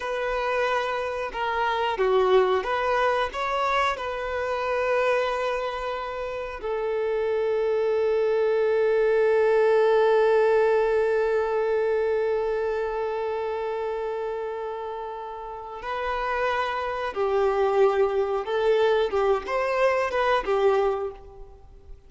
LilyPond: \new Staff \with { instrumentName = "violin" } { \time 4/4 \tempo 4 = 91 b'2 ais'4 fis'4 | b'4 cis''4 b'2~ | b'2 a'2~ | a'1~ |
a'1~ | a'1 | b'2 g'2 | a'4 g'8 c''4 b'8 g'4 | }